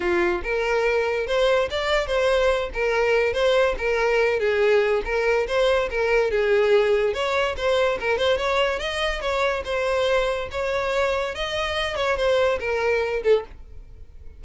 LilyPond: \new Staff \with { instrumentName = "violin" } { \time 4/4 \tempo 4 = 143 f'4 ais'2 c''4 | d''4 c''4. ais'4. | c''4 ais'4. gis'4. | ais'4 c''4 ais'4 gis'4~ |
gis'4 cis''4 c''4 ais'8 c''8 | cis''4 dis''4 cis''4 c''4~ | c''4 cis''2 dis''4~ | dis''8 cis''8 c''4 ais'4. a'8 | }